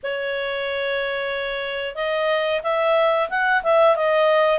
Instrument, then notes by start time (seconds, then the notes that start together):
clarinet
0.03 C#5
1.95 D#5
2.63 E5
3.29 F#5
3.63 E5
3.96 D#5